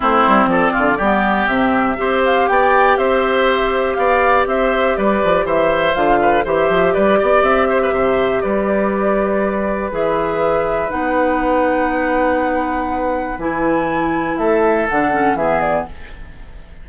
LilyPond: <<
  \new Staff \with { instrumentName = "flute" } { \time 4/4 \tempo 4 = 121 c''4 d''2 e''4~ | e''8 f''8 g''4 e''2 | f''4 e''4 d''4 e''4 | f''4 e''4 d''4 e''4~ |
e''4 d''2. | e''2 fis''2~ | fis''2. gis''4~ | gis''4 e''4 fis''4 e''8 d''8 | }
  \new Staff \with { instrumentName = "oboe" } { \time 4/4 e'4 a'8 f'8 g'2 | c''4 d''4 c''2 | d''4 c''4 b'4 c''4~ | c''8 b'8 c''4 b'8 d''4 c''16 b'16 |
c''4 b'2.~ | b'1~ | b'1~ | b'4 a'2 gis'4 | }
  \new Staff \with { instrumentName = "clarinet" } { \time 4/4 c'2 b4 c'4 | g'1~ | g'1 | f'4 g'2.~ |
g'1 | gis'2 dis'2~ | dis'2. e'4~ | e'2 d'8 cis'8 b4 | }
  \new Staff \with { instrumentName = "bassoon" } { \time 4/4 a8 g8 f8 d8 g4 c4 | c'4 b4 c'2 | b4 c'4 g8 f8 e4 | d4 e8 f8 g8 b8 c'4 |
c4 g2. | e2 b2~ | b2. e4~ | e4 a4 d4 e4 | }
>>